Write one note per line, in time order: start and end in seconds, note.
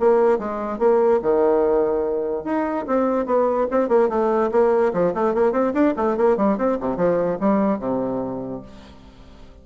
0.00 0.39 A#3
0.39 0.79 G#3
0.79 1.20 A#3
1.23 2.44 D#3
2.44 2.86 D#4
2.87 3.26 C4
3.26 3.67 B3
3.71 3.89 C4
3.89 4.09 A#3
4.09 4.51 A3
4.52 4.93 A#3
4.93 5.14 F3
5.14 5.35 A3
5.35 5.52 A#3
5.52 5.73 C4
5.74 5.95 D4
5.97 6.17 A3
6.17 6.37 A#3
6.37 6.58 G3
6.58 6.79 C4
6.80 6.97 C3
6.97 7.38 F3
7.41 7.79 G3
7.79 8.62 C3